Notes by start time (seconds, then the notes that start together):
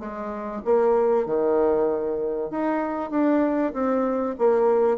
0.00 G#3
0.65 A#3
1.26 D#3
2.51 D#4
3.11 D4
3.74 C4
4.39 A#3